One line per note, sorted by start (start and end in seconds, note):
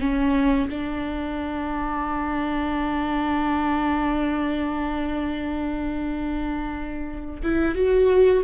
0.00 0.69 C#4
0.70 7.42 D4
7.43 7.75 E4
7.75 8.44 F#4